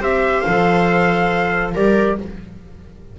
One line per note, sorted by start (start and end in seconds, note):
0.00 0.43 C4
0.00 0.44 G4
0.00 1.74 C5
0.00 0.41 E5
0.41 1.75 F3
0.41 1.71 F5
0.47 1.75 A4
1.74 2.18 G3
1.74 2.18 G4
1.74 2.17 A#4
1.74 2.19 D5